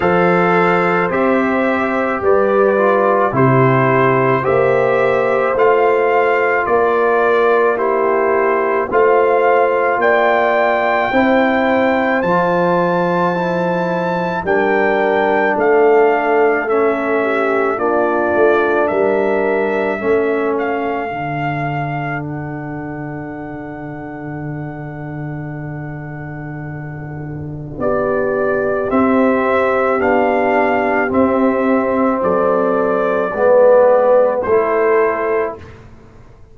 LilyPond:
<<
  \new Staff \with { instrumentName = "trumpet" } { \time 4/4 \tempo 4 = 54 f''4 e''4 d''4 c''4 | e''4 f''4 d''4 c''4 | f''4 g''2 a''4~ | a''4 g''4 f''4 e''4 |
d''4 e''4. f''4. | fis''1~ | fis''4 d''4 e''4 f''4 | e''4 d''2 c''4 | }
  \new Staff \with { instrumentName = "horn" } { \time 4/4 c''2 b'4 g'4 | c''2 ais'4 g'4 | c''4 d''4 c''2~ | c''4 ais'4 a'4. g'8 |
f'4 ais'4 a'2~ | a'1~ | a'4 g'2.~ | g'4 a'4 b'4 a'4 | }
  \new Staff \with { instrumentName = "trombone" } { \time 4/4 a'4 g'4. f'8 e'4 | g'4 f'2 e'4 | f'2 e'4 f'4 | e'4 d'2 cis'4 |
d'2 cis'4 d'4~ | d'1~ | d'2 c'4 d'4 | c'2 b4 e'4 | }
  \new Staff \with { instrumentName = "tuba" } { \time 4/4 f4 c'4 g4 c4 | ais4 a4 ais2 | a4 ais4 c'4 f4~ | f4 g4 a2 |
ais8 a8 g4 a4 d4~ | d1~ | d4 b4 c'4 b4 | c'4 fis4 gis4 a4 | }
>>